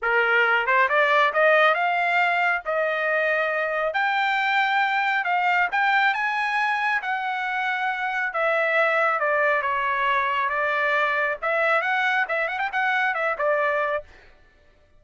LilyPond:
\new Staff \with { instrumentName = "trumpet" } { \time 4/4 \tempo 4 = 137 ais'4. c''8 d''4 dis''4 | f''2 dis''2~ | dis''4 g''2. | f''4 g''4 gis''2 |
fis''2. e''4~ | e''4 d''4 cis''2 | d''2 e''4 fis''4 | e''8 fis''16 g''16 fis''4 e''8 d''4. | }